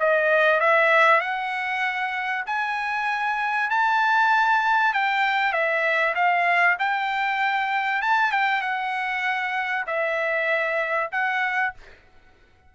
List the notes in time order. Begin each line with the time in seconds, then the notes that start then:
0.00 D#5
0.60 E5
1.21 F#5
2.47 G#5
3.71 A5
4.94 G5
5.53 E5
6.15 F5
6.79 G5
8.02 A5
8.32 G5
8.62 F#5
9.87 E5
11.12 F#5